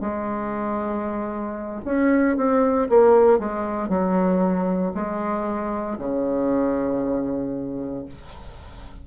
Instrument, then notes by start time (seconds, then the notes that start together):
bassoon
0.00 G#3
1.85 C#4
2.37 C4
2.89 A#3
3.39 G#3
3.88 F#3
4.94 G#3
5.98 C#3